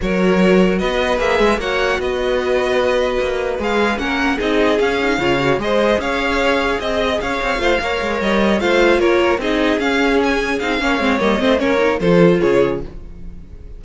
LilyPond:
<<
  \new Staff \with { instrumentName = "violin" } { \time 4/4 \tempo 4 = 150 cis''2 dis''4 e''4 | fis''4 dis''2.~ | dis''4 f''4 fis''4 dis''4 | f''2 dis''4 f''4~ |
f''4 dis''4 f''2~ | f''8 dis''4 f''4 cis''4 dis''8~ | dis''8 f''4 gis''4 f''4. | dis''4 cis''4 c''4 cis''4 | }
  \new Staff \with { instrumentName = "violin" } { \time 4/4 ais'2 b'2 | cis''4 b'2.~ | b'2 ais'4 gis'4~ | gis'4 cis''4 c''4 cis''4~ |
cis''4 dis''4 cis''4 c''8 cis''8~ | cis''4. c''4 ais'4 gis'8~ | gis'2. cis''4~ | cis''8 c''8 ais'4 a'4 gis'4 | }
  \new Staff \with { instrumentName = "viola" } { \time 4/4 fis'2. gis'4 | fis'1~ | fis'4 gis'4 cis'4 dis'4 | cis'8 dis'8 f'8 fis'8 gis'2~ |
gis'2. f'8 ais'8~ | ais'4. f'2 dis'8~ | dis'8 cis'2 dis'8 cis'8 c'8 | ais8 c'8 cis'8 dis'8 f'2 | }
  \new Staff \with { instrumentName = "cello" } { \time 4/4 fis2 b4 ais8 gis8 | ais4 b2. | ais4 gis4 ais4 c'4 | cis'4 cis4 gis4 cis'4~ |
cis'4 c'4 cis'8 c'8 a8 ais8 | gis8 g4 a4 ais4 c'8~ | c'8 cis'2 c'8 ais8 gis8 | g8 a8 ais4 f4 cis4 | }
>>